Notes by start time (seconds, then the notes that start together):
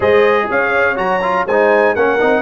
0.00 G#3 G#4 C5 D#5
0.50 C#4 C#5 F5
0.95 F#3 F#4 A#5
1.22 F4
1.46 G#3 D#4 C5 G#5
1.95 A#3 C#4 A#4 F#5
2.19 C4 D#4